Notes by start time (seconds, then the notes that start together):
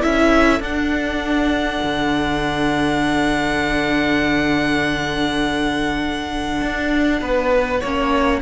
0.00 C#4 E4 A4 E5
0.60 D4 F#5
1.83 D3
6.61 D4
7.21 B3 B4
7.80 A#3 C#4 C#5